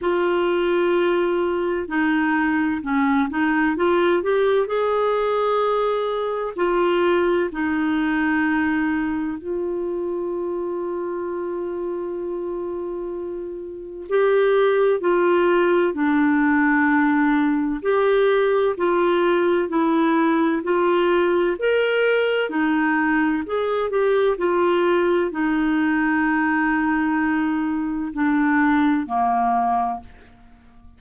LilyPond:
\new Staff \with { instrumentName = "clarinet" } { \time 4/4 \tempo 4 = 64 f'2 dis'4 cis'8 dis'8 | f'8 g'8 gis'2 f'4 | dis'2 f'2~ | f'2. g'4 |
f'4 d'2 g'4 | f'4 e'4 f'4 ais'4 | dis'4 gis'8 g'8 f'4 dis'4~ | dis'2 d'4 ais4 | }